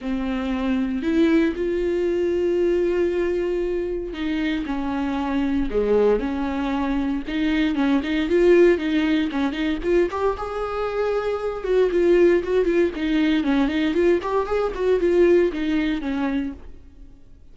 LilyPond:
\new Staff \with { instrumentName = "viola" } { \time 4/4 \tempo 4 = 116 c'2 e'4 f'4~ | f'1 | dis'4 cis'2 gis4 | cis'2 dis'4 cis'8 dis'8 |
f'4 dis'4 cis'8 dis'8 f'8 g'8 | gis'2~ gis'8 fis'8 f'4 | fis'8 f'8 dis'4 cis'8 dis'8 f'8 g'8 | gis'8 fis'8 f'4 dis'4 cis'4 | }